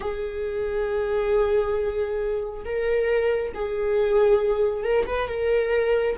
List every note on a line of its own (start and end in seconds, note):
0.00 2.64 G#4
2.64 3.53 A#4
3.54 4.83 G#4
4.83 5.05 A#4
5.06 5.27 B4
5.27 6.16 A#4